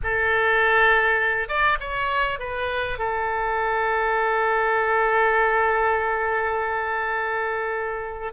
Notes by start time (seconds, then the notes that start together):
0.03 A4
1.48 D5
1.80 C#5
2.39 B4
2.98 A4